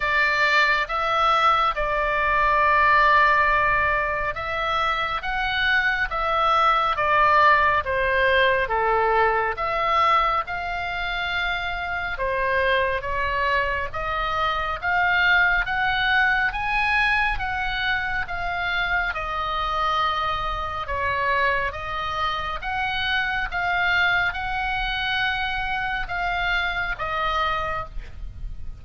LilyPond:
\new Staff \with { instrumentName = "oboe" } { \time 4/4 \tempo 4 = 69 d''4 e''4 d''2~ | d''4 e''4 fis''4 e''4 | d''4 c''4 a'4 e''4 | f''2 c''4 cis''4 |
dis''4 f''4 fis''4 gis''4 | fis''4 f''4 dis''2 | cis''4 dis''4 fis''4 f''4 | fis''2 f''4 dis''4 | }